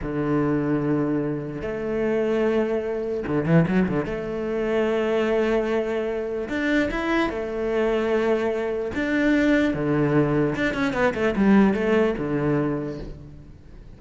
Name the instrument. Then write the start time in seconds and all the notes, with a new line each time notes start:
cello
0.02 D3
1.61 A3
3.27 D3
3.45 E3
3.67 F#3
3.88 D3
4.05 A3
6.48 D4
6.90 E4
7.29 A3
8.95 D4
9.74 D3
10.55 D4
10.74 C#4
10.93 B3
11.14 A3
11.36 G3
11.74 A3
12.18 D3